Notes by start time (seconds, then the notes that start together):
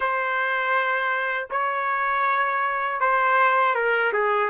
0.00 C5
1.50 C#5
3.00 C5
3.74 A#4
4.12 G#4